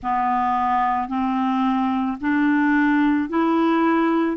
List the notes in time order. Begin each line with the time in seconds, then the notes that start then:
0.02 B3
1.08 C4
2.21 D4
3.29 E4